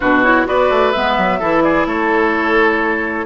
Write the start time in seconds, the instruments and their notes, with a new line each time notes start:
0.00 bassoon B2, clarinet D4, oboe F#4, flute B4
0.23 clarinet E4, flute C#5
0.46 bassoon B3, clarinet F#4, oboe B4, flute D5
0.70 bassoon A3
0.92 bassoon G#3, clarinet B3, flute E5
1.17 bassoon F#3
1.39 bassoon E3, clarinet E4, oboe A4
1.62 oboe G#4, flute D5
1.85 bassoon A3, oboe A4, flute C#5